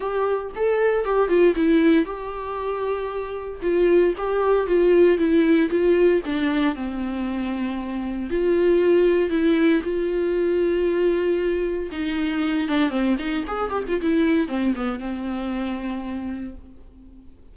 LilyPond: \new Staff \with { instrumentName = "viola" } { \time 4/4 \tempo 4 = 116 g'4 a'4 g'8 f'8 e'4 | g'2. f'4 | g'4 f'4 e'4 f'4 | d'4 c'2. |
f'2 e'4 f'4~ | f'2. dis'4~ | dis'8 d'8 c'8 dis'8 gis'8 g'16 f'16 e'4 | c'8 b8 c'2. | }